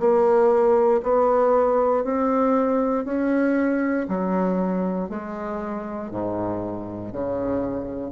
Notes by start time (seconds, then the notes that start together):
0.00 A#3
1.03 B3
2.04 C4
3.06 C#4
4.09 F#3
5.09 G#3
6.11 G#2
7.13 C#3